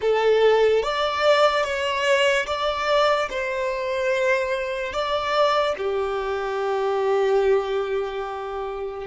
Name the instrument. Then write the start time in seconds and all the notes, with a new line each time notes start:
violin
0.01 A4
0.83 D5
1.64 C#5
2.46 D5
3.30 C5
4.92 D5
5.77 G4